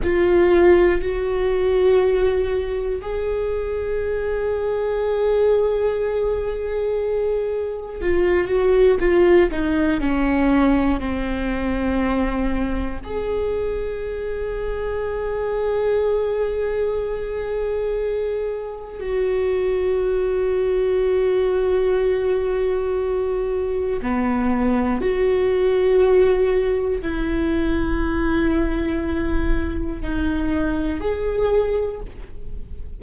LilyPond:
\new Staff \with { instrumentName = "viola" } { \time 4/4 \tempo 4 = 60 f'4 fis'2 gis'4~ | gis'1 | f'8 fis'8 f'8 dis'8 cis'4 c'4~ | c'4 gis'2.~ |
gis'2. fis'4~ | fis'1 | b4 fis'2 e'4~ | e'2 dis'4 gis'4 | }